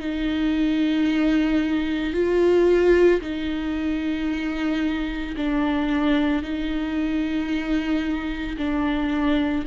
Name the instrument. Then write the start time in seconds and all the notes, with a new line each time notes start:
viola
0.00 D#4
2.14 F4
3.21 D#4
5.37 D4
6.43 D#4
8.58 D4